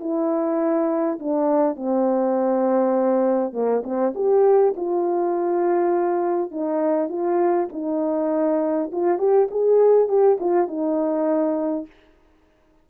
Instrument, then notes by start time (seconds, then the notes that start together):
horn
0.00 E4
1.19 D4
1.76 C4
3.53 A#3
3.83 C4
4.15 G4
4.76 F4
6.51 D#4
7.09 F4
7.73 D#4
8.92 F4
9.18 G4
9.50 G#4
10.08 G4
10.40 F4
10.68 D#4